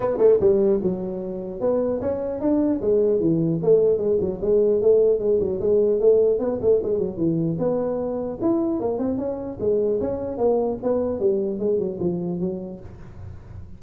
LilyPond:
\new Staff \with { instrumentName = "tuba" } { \time 4/4 \tempo 4 = 150 b8 a8 g4 fis2 | b4 cis'4 d'4 gis4 | e4 a4 gis8 fis8 gis4 | a4 gis8 fis8 gis4 a4 |
b8 a8 gis8 fis8 e4 b4~ | b4 e'4 ais8 c'8 cis'4 | gis4 cis'4 ais4 b4 | g4 gis8 fis8 f4 fis4 | }